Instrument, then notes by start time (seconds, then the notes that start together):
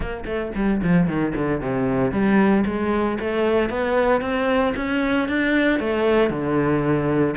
cello
0.00 A#3
0.25 A3
0.55 G3
0.83 F3
1.07 D#3
1.35 D3
1.60 C3
2.11 G3
2.66 G#3
3.19 A3
3.69 B3
4.21 C4
4.76 C#4
5.28 D4
5.79 A3
6.30 D3